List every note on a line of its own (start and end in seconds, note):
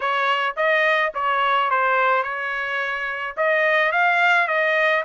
0.00 0.55 C#5
0.56 1.12 D#5
1.14 1.70 C#5
1.70 2.23 C5
2.23 3.35 C#5
3.36 3.92 D#5
3.92 4.47 F5
4.47 5.03 D#5